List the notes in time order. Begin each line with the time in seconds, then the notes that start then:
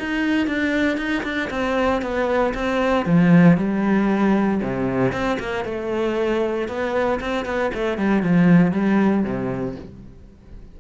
0.00 D#4
0.47 D4
0.98 D#4
1.24 D4
1.50 C4
2.02 B3
2.54 C4
3.06 F3
3.58 G3
4.63 C3
5.13 C4
5.40 A#3
5.65 A3
6.68 B3
7.20 C4
7.46 B3
7.75 A3
7.98 G3
8.23 F3
8.72 G3
9.24 C3